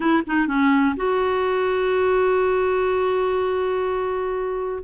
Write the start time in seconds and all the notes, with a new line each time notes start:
0.00 E4
0.26 D#4
0.47 C#4
0.96 F#4